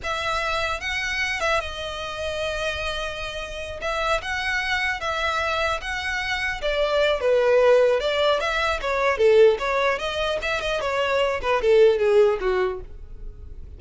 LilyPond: \new Staff \with { instrumentName = "violin" } { \time 4/4 \tempo 4 = 150 e''2 fis''4. e''8 | dis''1~ | dis''4. e''4 fis''4.~ | fis''8 e''2 fis''4.~ |
fis''8 d''4. b'2 | d''4 e''4 cis''4 a'4 | cis''4 dis''4 e''8 dis''8 cis''4~ | cis''8 b'8 a'4 gis'4 fis'4 | }